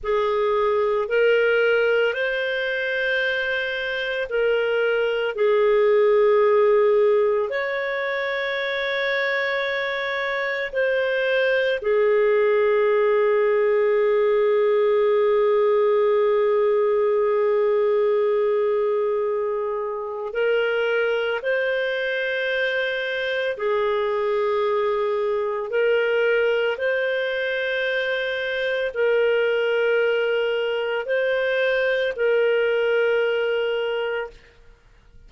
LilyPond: \new Staff \with { instrumentName = "clarinet" } { \time 4/4 \tempo 4 = 56 gis'4 ais'4 c''2 | ais'4 gis'2 cis''4~ | cis''2 c''4 gis'4~ | gis'1~ |
gis'2. ais'4 | c''2 gis'2 | ais'4 c''2 ais'4~ | ais'4 c''4 ais'2 | }